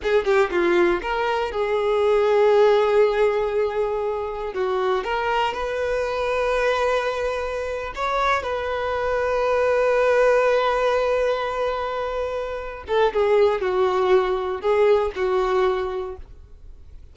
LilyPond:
\new Staff \with { instrumentName = "violin" } { \time 4/4 \tempo 4 = 119 gis'8 g'8 f'4 ais'4 gis'4~ | gis'1~ | gis'4 fis'4 ais'4 b'4~ | b'2.~ b'8. cis''16~ |
cis''8. b'2.~ b'16~ | b'1~ | b'4. a'8 gis'4 fis'4~ | fis'4 gis'4 fis'2 | }